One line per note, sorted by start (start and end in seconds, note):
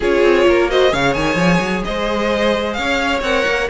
0.00 0.22 C#4
0.00 0.69 F4
0.00 0.46 G#4
0.00 0.70 C#5
0.22 0.45 C4
0.47 0.92 A#3
0.47 0.70 A#4
0.69 0.89 F#4
0.69 0.92 C5
0.69 0.93 D#5
0.89 1.15 C#3
0.89 3.20 G#4
0.89 1.84 C#5
0.89 1.13 F5
1.13 1.35 D#3
1.13 1.82 G#5
1.35 1.58 F3
1.59 1.82 F#3
1.84 2.77 G#3
1.84 2.77 C5
1.84 2.73 D#5
2.73 3.21 C#4
2.73 3.69 C#5
2.73 3.19 F5
3.21 3.44 C4
3.21 3.69 A#4
3.21 3.69 F#5
3.45 3.69 A#3